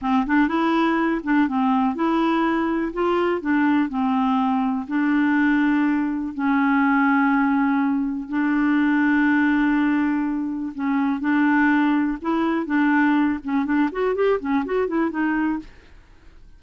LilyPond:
\new Staff \with { instrumentName = "clarinet" } { \time 4/4 \tempo 4 = 123 c'8 d'8 e'4. d'8 c'4 | e'2 f'4 d'4 | c'2 d'2~ | d'4 cis'2.~ |
cis'4 d'2.~ | d'2 cis'4 d'4~ | d'4 e'4 d'4. cis'8 | d'8 fis'8 g'8 cis'8 fis'8 e'8 dis'4 | }